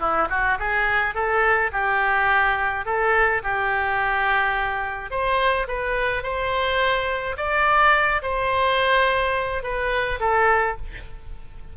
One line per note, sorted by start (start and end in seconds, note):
0.00 0.28 E4
0.30 0.58 F#4
0.59 1.15 G#4
1.15 1.71 A4
1.72 2.86 G4
2.86 3.42 A4
3.43 5.11 G4
5.11 5.67 C5
5.68 6.23 B4
6.23 7.37 C5
7.37 8.22 D5
8.22 9.63 C5
9.63 10.20 B4
10.20 10.77 A4